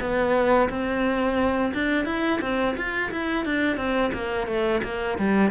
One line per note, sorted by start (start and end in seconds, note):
0.00 0.69 B3
0.69 1.73 C4
1.74 2.05 D4
2.05 2.39 E4
2.41 2.76 C4
2.76 3.11 F4
3.11 3.45 E4
3.45 3.77 D4
3.77 4.11 C4
4.13 4.47 A#3
4.47 4.81 A3
4.83 5.18 A#3
5.18 5.50 G3